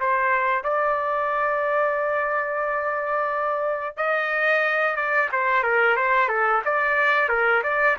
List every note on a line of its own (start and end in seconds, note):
0.00 0.64 C5
0.64 3.97 D5
3.97 4.96 D#5
4.96 5.29 D5
5.32 5.63 C5
5.63 5.96 A#4
5.96 6.28 C5
6.28 6.62 A4
6.65 7.29 D5
7.29 7.62 A#4
7.63 7.97 D5